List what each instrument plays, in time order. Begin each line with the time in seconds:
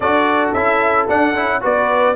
0.00 tuba D4, trombone F#4, horn A4, trumpet D5
0.53 tuba C#4, trombone E4, trumpet E5
1.08 trombone D4, tuba D4, trumpet F#5
1.34 tuba C#4, trombone E4
1.61 tuba B3, trombone F#4, horn B4, trumpet D5